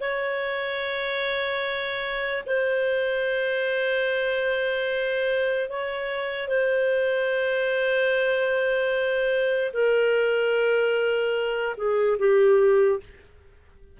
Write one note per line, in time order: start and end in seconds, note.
0.00 2.43 C#5
2.46 5.69 C5
5.69 6.48 C#5
6.48 9.72 C5
9.73 11.76 A#4
11.77 12.17 G#4
12.18 13.00 G4